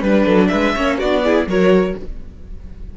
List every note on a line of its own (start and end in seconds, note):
0.00 0.25 G3
0.00 0.77 D4
0.00 0.24 B4
0.00 0.47 B4
0.25 0.51 F#3
0.25 0.49 A4
0.47 0.76 G#3
0.47 0.74 B4
0.47 0.96 E5
0.74 1.01 A#3
0.74 1.01 C#4
0.74 0.98 C#5
0.98 1.46 B3
0.98 1.24 D4
0.98 1.22 F#4
0.98 1.47 D5
1.24 1.48 E4
1.24 1.48 G#4
1.46 1.94 F#3
1.46 1.96 F#4
1.46 1.97 A#4
1.46 1.97 C#5